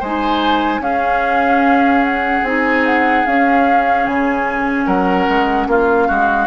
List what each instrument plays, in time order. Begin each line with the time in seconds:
0.00 bassoon G#3, clarinet D#4, oboe C5, flute G#5
0.79 bassoon C#4, clarinet C#4, oboe G#4, flute F5
2.04 flute F#5
2.43 bassoon C4, clarinet D#4, flute G#5
2.86 flute F#5
3.26 bassoon C#4, clarinet C#4, flute F5
4.06 bassoon C#3, flute G#5
4.86 bassoon F#3, oboe A#4, flute F#5
5.29 bassoon G#3
5.67 bassoon A#3, oboe F4, flute F5
6.08 bassoon G#3, oboe F#4